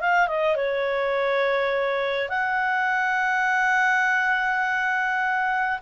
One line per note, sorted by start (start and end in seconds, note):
0.00 0.27 F5
0.27 0.56 D#5
0.56 2.29 C#5
2.29 5.78 F#5